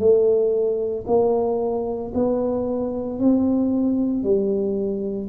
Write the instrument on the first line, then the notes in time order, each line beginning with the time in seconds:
tuba
0.00 A3
1.08 A#3
2.15 B3
3.20 C4
4.24 G3